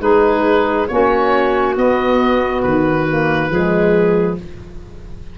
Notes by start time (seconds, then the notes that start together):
0.00 G#3 D#4 G#4 B4
0.88 A#3 C#4 F#4 C#5
1.76 B3 D#5
2.62 D#3 B4
3.09 A#3
3.50 F3 G#3 G#4